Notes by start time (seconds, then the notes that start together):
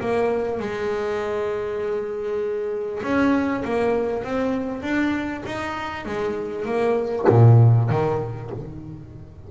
0.00 A#3
0.59 G#3
3.03 C#4
3.65 A#3
4.24 C4
4.82 D4
5.46 D#4
6.05 G#3
6.65 A#3
7.29 A#2
7.90 D#3